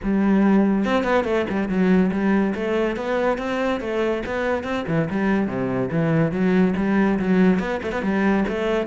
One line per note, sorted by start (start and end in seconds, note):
0.03 0.85 G3
0.85 1.03 C4
1.03 1.24 B3
1.24 1.45 A3
1.49 1.68 G3
1.68 2.10 F#3
2.11 2.54 G3
2.54 2.96 A3
2.96 3.38 B3
3.38 3.80 C4
3.80 4.23 A3
4.26 4.63 B3
4.63 4.84 C4
4.87 5.08 E3
5.10 5.47 G3
5.47 5.89 C3
5.91 6.31 E3
6.31 6.74 F#3
6.76 7.19 G3
7.19 7.59 F#3
7.59 7.80 B3
7.82 7.92 A3
7.92 8.02 B3
8.02 8.44 G3
8.48 8.86 A3